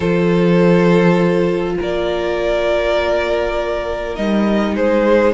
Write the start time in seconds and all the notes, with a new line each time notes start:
0.00 F3 F4 A4 C5
1.78 A#3 A#4 D5
4.15 G3 D#4 D#5
4.75 G#3 G#4 C5